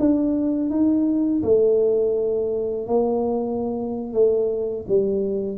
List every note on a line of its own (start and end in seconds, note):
0.00 0.70 D4
0.70 1.43 D#4
1.43 2.87 A3
2.87 4.14 A#3
4.14 4.86 A3
4.88 5.58 G3